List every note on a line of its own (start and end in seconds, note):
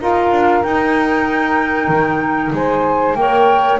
0.00 0.32 D#4
0.00 0.64 F4
0.00 2.53 A#4
0.00 0.63 F5
0.32 0.63 D4
0.63 1.88 D#4
0.63 3.17 D#4
0.63 2.52 G5
1.88 2.51 D#3
2.52 3.15 G#3
2.52 3.18 C5
2.52 3.16 G#5
3.15 3.78 A#3
3.15 3.80 A#4
3.15 3.80 C#5
3.15 3.79 G5